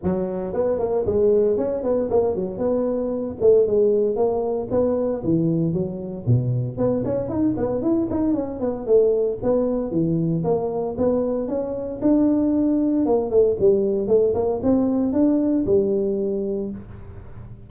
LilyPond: \new Staff \with { instrumentName = "tuba" } { \time 4/4 \tempo 4 = 115 fis4 b8 ais8 gis4 cis'8 b8 | ais8 fis8 b4. a8 gis4 | ais4 b4 e4 fis4 | b,4 b8 cis'8 dis'8 b8 e'8 dis'8 |
cis'8 b8 a4 b4 e4 | ais4 b4 cis'4 d'4~ | d'4 ais8 a8 g4 a8 ais8 | c'4 d'4 g2 | }